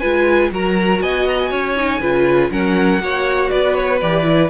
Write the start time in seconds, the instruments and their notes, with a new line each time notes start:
0.00 cello G#3, viola F4, violin B4 G#5
0.51 cello F#3, viola F#4, violin A#4 A#5
1.02 cello B3, violin D#5 G#5
1.28 violin A#5
1.39 violin G#5
1.51 cello C#4, violin C#5
1.77 viola D#4
2.01 cello C#3, viola F4, violin B4
2.51 cello F#3, viola C#4, violin A#4 F#5
3.00 cello A#3, viola F#4, violin C#5
3.50 cello B3, violin B4 D5
3.75 violin C#5
4.01 cello E3, viola G4, violin D5
4.24 viola E4